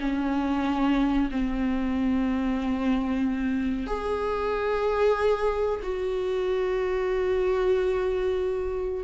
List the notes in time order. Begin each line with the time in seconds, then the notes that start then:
0.00 C#4
1.31 C4
3.87 G#4
5.83 F#4